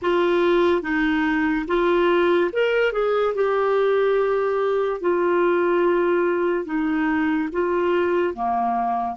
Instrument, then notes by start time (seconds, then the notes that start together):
clarinet
0.02 F4
0.82 D#4
1.67 F4
2.52 A#4
2.92 G#4
3.34 G4
5.00 F4
6.65 D#4
7.52 F4
8.33 A#3